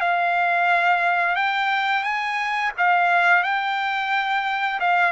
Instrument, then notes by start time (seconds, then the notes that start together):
trumpet
0.00 F5
1.35 G5
2.03 G#5
2.77 F5
3.43 G5
4.79 F5